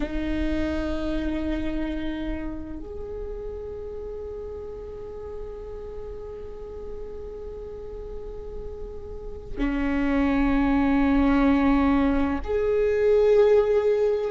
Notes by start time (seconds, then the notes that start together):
0.00 D#4
2.80 G#4
9.58 C#4
12.43 G#4